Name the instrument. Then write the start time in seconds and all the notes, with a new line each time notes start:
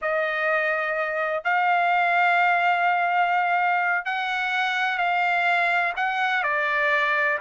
trumpet
0.01 D#5
1.44 F5
4.05 F#5
4.97 F5
5.96 F#5
6.43 D5